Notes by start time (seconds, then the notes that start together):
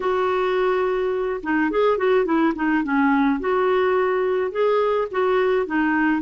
0.00 F#4
1.43 D#4
1.70 G#4
1.97 F#4
2.25 E4
2.55 D#4
2.83 C#4
3.40 F#4
4.51 G#4
5.11 F#4
5.66 D#4